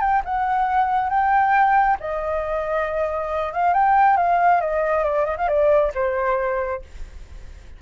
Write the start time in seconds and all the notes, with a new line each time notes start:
0.00 G5
0.25 F#5
1.09 G5
2.00 D#5
3.53 F5
3.73 G5
4.17 F5
4.61 D#5
5.04 D5
5.25 D#5
5.37 F5
5.48 D5
5.94 C5